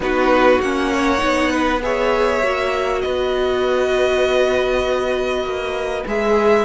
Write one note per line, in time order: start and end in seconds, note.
0.00 0.59 B3
0.00 0.61 D#4
0.00 0.92 F#4
0.00 0.61 B4
0.61 1.22 A#3
0.61 1.18 C#4
0.61 1.82 F#5
0.92 1.51 C#5
1.18 2.42 B3
1.18 1.78 D#4
1.51 1.82 B4
1.82 2.42 G#4
1.82 3.03 C#5
1.82 3.01 E5
2.42 3.03 A#3
2.42 6.06 F#4
3.01 5.43 B3
3.01 6.65 B4
3.01 6.04 D#5
5.43 6.04 A#3
6.06 6.65 G#3
6.06 6.65 G#4
6.06 6.65 E5